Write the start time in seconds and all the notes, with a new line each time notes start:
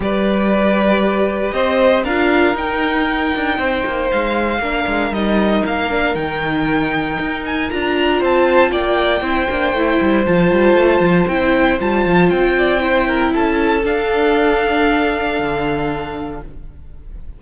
0.00 G3 G4 B4 D5
1.52 C4 C5 D#5
2.04 D4 F4 A#4 F5
2.54 D#4 G5
3.35 D4
3.58 C4 C5
3.85 A#3
4.11 G#3 F5
4.59 A#3 D4 A#4
4.87 G#3
5.10 G3 D#4 D#5
5.66 A#3 F5
5.90 D4
6.14 D#3 D#4 G5
7.19 D#4
7.45 G#5
7.69 D4 F4 A#5
8.19 C4 C5 A5
8.71 A#3 D5 G5
9.21 C4 E4 C5
9.50 A#3 D4
9.72 A3 E4
10.01 G3
10.25 F3 F4 A5
10.51 G3
10.74 A3
10.99 F3
11.27 C4 E4 G5
11.79 G3 F4 A5
12.05 F3
12.29 C4 G5
12.58 D5
12.80 E4 C5
13.07 A#4
13.33 C#4 A4 A5
13.84 D4 F5
15.39 D3